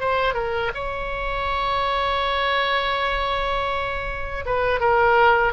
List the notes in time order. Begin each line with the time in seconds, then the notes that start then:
0.00 C5
0.34 A#4
0.75 C#5
4.45 B4
4.80 A#4